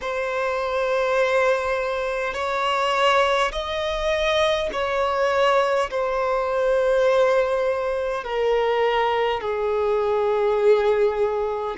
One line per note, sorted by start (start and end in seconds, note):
0.01 2.34 C5
2.34 3.51 C#5
3.51 4.69 D#5
4.72 5.90 C#5
5.90 8.24 C5
8.24 9.41 A#4
9.41 11.76 G#4